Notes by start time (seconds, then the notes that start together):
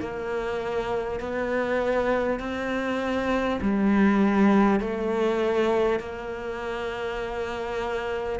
0.00 A#3
1.20 B3
2.39 C4
3.61 G3
4.79 A3
5.99 A#3